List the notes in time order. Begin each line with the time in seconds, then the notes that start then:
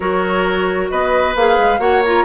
0.00 F#3 F#4 A#4 C#5
0.90 B3 B4 D#5
1.35 A#3 G#4 F5
1.58 G#3
1.79 A#3 F#4 C#5 F#5
2.04 F4 A#5